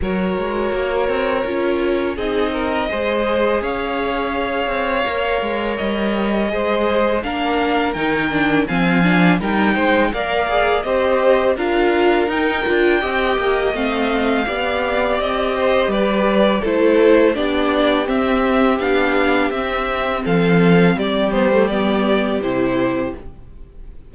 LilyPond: <<
  \new Staff \with { instrumentName = "violin" } { \time 4/4 \tempo 4 = 83 cis''2. dis''4~ | dis''4 f''2. | dis''2 f''4 g''4 | gis''4 g''4 f''4 dis''4 |
f''4 g''2 f''4~ | f''4 dis''4 d''4 c''4 | d''4 e''4 f''4 e''4 | f''4 d''8 c''8 d''4 c''4 | }
  \new Staff \with { instrumentName = "violin" } { \time 4/4 ais'2. gis'8 ais'8 | c''4 cis''2.~ | cis''4 c''4 ais'2 | f''4 ais'8 c''8 d''4 c''4 |
ais'2 dis''2 | d''4. c''8 b'4 a'4 | g'1 | a'4 g'2. | }
  \new Staff \with { instrumentName = "viola" } { \time 4/4 fis'2 f'4 dis'4 | gis'2. ais'4~ | ais'4 gis'4 d'4 dis'8 d'8 | c'8 d'8 dis'4 ais'8 gis'8 g'4 |
f'4 dis'8 f'8 g'4 c'4 | g'2. e'4 | d'4 c'4 d'4 c'4~ | c'4. b16 a16 b4 e'4 | }
  \new Staff \with { instrumentName = "cello" } { \time 4/4 fis8 gis8 ais8 c'8 cis'4 c'4 | gis4 cis'4. c'8 ais8 gis8 | g4 gis4 ais4 dis4 | f4 g8 gis8 ais4 c'4 |
d'4 dis'8 d'8 c'8 ais8 a4 | b4 c'4 g4 a4 | b4 c'4 b4 c'4 | f4 g2 c4 | }
>>